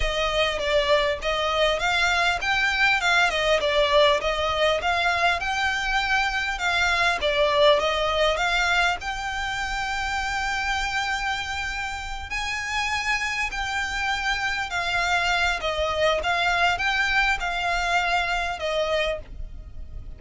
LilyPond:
\new Staff \with { instrumentName = "violin" } { \time 4/4 \tempo 4 = 100 dis''4 d''4 dis''4 f''4 | g''4 f''8 dis''8 d''4 dis''4 | f''4 g''2 f''4 | d''4 dis''4 f''4 g''4~ |
g''1~ | g''8 gis''2 g''4.~ | g''8 f''4. dis''4 f''4 | g''4 f''2 dis''4 | }